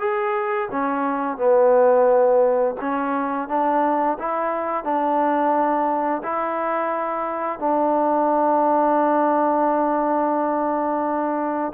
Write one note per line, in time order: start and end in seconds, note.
0.00 0.69 G#4
0.71 1.38 C#4
1.38 2.76 B3
2.81 3.49 C#4
3.49 4.18 D4
4.19 4.84 E4
4.84 6.22 D4
6.24 7.59 E4
7.59 11.73 D4